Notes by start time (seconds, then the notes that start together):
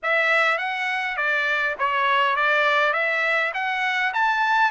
0.02 E5
0.57 F#5
1.17 D5
1.78 C#5
2.36 D5
2.93 E5
3.54 F#5
4.13 A5